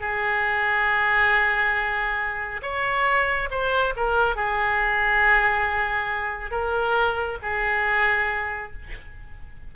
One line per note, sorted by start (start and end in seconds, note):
0.00 2.61 G#4
2.62 3.49 C#5
3.50 3.94 C5
3.96 4.36 A#4
4.36 6.51 G#4
6.51 7.38 A#4
7.42 8.73 G#4